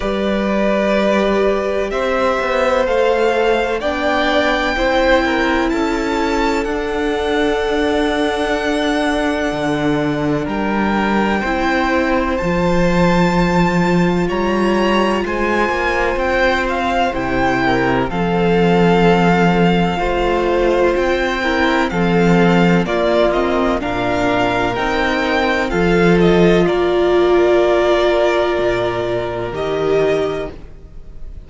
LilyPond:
<<
  \new Staff \with { instrumentName = "violin" } { \time 4/4 \tempo 4 = 63 d''2 e''4 f''4 | g''2 a''4 fis''4~ | fis''2. g''4~ | g''4 a''2 ais''4 |
gis''4 g''8 f''8 g''4 f''4~ | f''2 g''4 f''4 | d''8 dis''8 f''4 g''4 f''8 dis''8 | d''2. dis''4 | }
  \new Staff \with { instrumentName = "violin" } { \time 4/4 b'2 c''2 | d''4 c''8 ais'8 a'2~ | a'2. ais'4 | c''2. cis''4 |
c''2~ c''8 ais'8 a'4~ | a'4 c''4. ais'8 a'4 | f'4 ais'2 a'4 | ais'1 | }
  \new Staff \with { instrumentName = "viola" } { \time 4/4 g'2. a'4 | d'4 e'2 d'4~ | d'1 | e'4 f'2.~ |
f'2 e'4 c'4~ | c'4 f'4. e'8 c'4 | ais8 c'8 d'4 dis'4 f'4~ | f'2. g'4 | }
  \new Staff \with { instrumentName = "cello" } { \time 4/4 g2 c'8 b8 a4 | b4 c'4 cis'4 d'4~ | d'2 d4 g4 | c'4 f2 g4 |
gis8 ais8 c'4 c4 f4~ | f4 a4 c'4 f4 | ais4 ais,4 c'4 f4 | ais2 ais,4 dis4 | }
>>